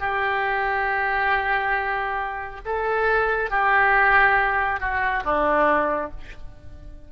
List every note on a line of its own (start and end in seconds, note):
0.00 2.61 G4
2.66 3.51 A4
3.51 4.80 G4
4.80 5.24 F#4
5.25 6.11 D4